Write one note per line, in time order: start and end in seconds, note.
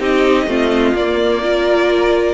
0.00 0.47 C4
0.00 0.48 D#4
0.00 0.47 G4
0.00 0.96 D#5
0.47 0.94 A3
0.47 0.96 C4
0.47 1.43 F4
0.95 2.35 A#3
0.95 1.43 A#3
0.95 2.35 D5
1.43 2.35 F4
1.43 2.35 A#4